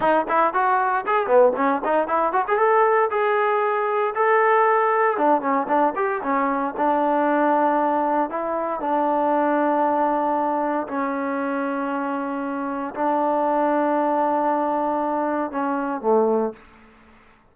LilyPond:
\new Staff \with { instrumentName = "trombone" } { \time 4/4 \tempo 4 = 116 dis'8 e'8 fis'4 gis'8 b8 cis'8 dis'8 | e'8 fis'16 gis'16 a'4 gis'2 | a'2 d'8 cis'8 d'8 g'8 | cis'4 d'2. |
e'4 d'2.~ | d'4 cis'2.~ | cis'4 d'2.~ | d'2 cis'4 a4 | }